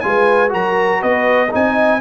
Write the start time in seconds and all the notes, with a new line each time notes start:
0.00 G#3 F4 G#5
0.07 B4
0.49 F#3 F#4 A#4 A#5
1.00 B3 B4 D#5
1.50 C4 D#4 D#5 G#5